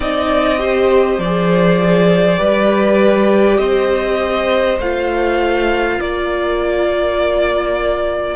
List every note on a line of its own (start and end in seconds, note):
0.00 1.18 C4
0.00 0.58 D#4
0.00 0.59 D5
0.00 1.19 D#5
0.58 1.18 G4
0.58 2.38 C5
1.18 2.38 F3
1.18 3.58 D5
1.25 2.37 G#4
2.37 3.58 G3
2.37 4.77 G4
2.37 3.58 B4
3.58 4.78 C4
3.58 5.98 C5
3.58 4.78 D#5
4.79 5.99 A3
4.79 8.36 F4
4.79 6.00 F5
5.98 8.36 A#3
5.98 8.36 A#4
5.98 8.36 D5